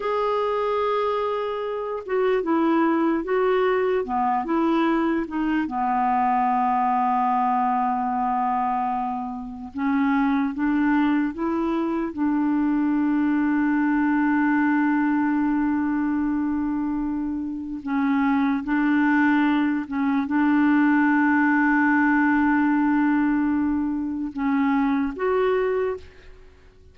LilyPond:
\new Staff \with { instrumentName = "clarinet" } { \time 4/4 \tempo 4 = 74 gis'2~ gis'8 fis'8 e'4 | fis'4 b8 e'4 dis'8 b4~ | b1 | cis'4 d'4 e'4 d'4~ |
d'1~ | d'2 cis'4 d'4~ | d'8 cis'8 d'2.~ | d'2 cis'4 fis'4 | }